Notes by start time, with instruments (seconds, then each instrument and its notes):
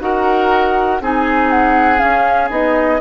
0.00 bassoon D#4, clarinet F#4, oboe A#4, flute F#5
1.01 bassoon C4, clarinet D#4, oboe G#4, flute G#5
1.50 flute F#5
1.98 clarinet C#4, bassoon C#4, flute F5
2.50 bassoon B3, clarinet D#4, flute D#5